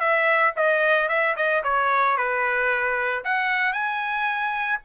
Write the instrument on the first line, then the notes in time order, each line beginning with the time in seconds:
trumpet
0.00 E5
0.56 D#5
1.09 E5
1.36 D#5
1.63 C#5
2.17 B4
3.24 F#5
3.73 G#5